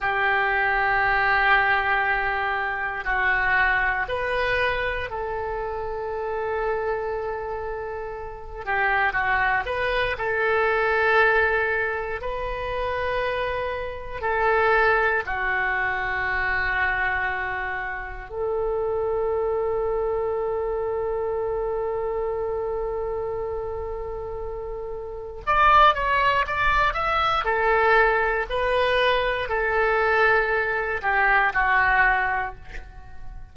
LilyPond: \new Staff \with { instrumentName = "oboe" } { \time 4/4 \tempo 4 = 59 g'2. fis'4 | b'4 a'2.~ | a'8 g'8 fis'8 b'8 a'2 | b'2 a'4 fis'4~ |
fis'2 a'2~ | a'1~ | a'4 d''8 cis''8 d''8 e''8 a'4 | b'4 a'4. g'8 fis'4 | }